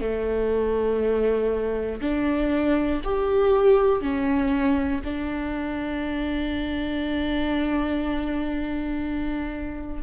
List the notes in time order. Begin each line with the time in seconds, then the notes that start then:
0.00 A3
2.01 D4
3.04 G4
4.01 C#4
5.04 D4